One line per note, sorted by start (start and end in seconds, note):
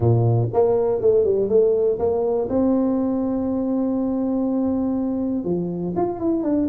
0.00 0.47 A#2
0.53 1.01 A#3
1.01 1.24 A3
1.24 1.48 G3
1.48 1.98 A3
1.98 2.48 A#3
2.49 5.44 C4
5.44 5.93 F3
5.95 6.19 F4
6.19 6.43 E4
6.43 6.68 D4